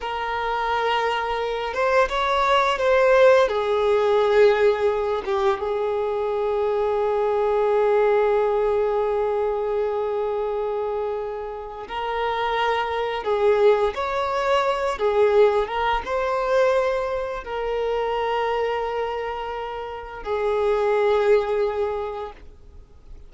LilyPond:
\new Staff \with { instrumentName = "violin" } { \time 4/4 \tempo 4 = 86 ais'2~ ais'8 c''8 cis''4 | c''4 gis'2~ gis'8 g'8 | gis'1~ | gis'1~ |
gis'4 ais'2 gis'4 | cis''4. gis'4 ais'8 c''4~ | c''4 ais'2.~ | ais'4 gis'2. | }